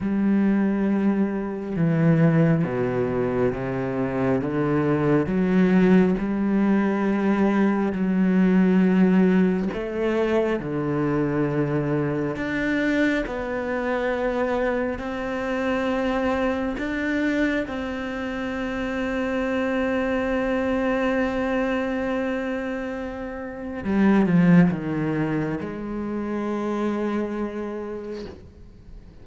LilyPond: \new Staff \with { instrumentName = "cello" } { \time 4/4 \tempo 4 = 68 g2 e4 b,4 | c4 d4 fis4 g4~ | g4 fis2 a4 | d2 d'4 b4~ |
b4 c'2 d'4 | c'1~ | c'2. g8 f8 | dis4 gis2. | }